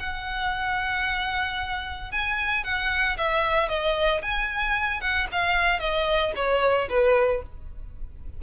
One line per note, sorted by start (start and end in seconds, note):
0.00 2.12 F#5
2.12 2.65 G#5
2.65 3.18 F#5
3.18 3.69 E5
3.69 4.22 D#5
4.22 5.01 G#5
5.01 5.28 F#5
5.32 5.80 F5
5.80 6.33 D#5
6.36 6.89 C#5
6.90 7.43 B4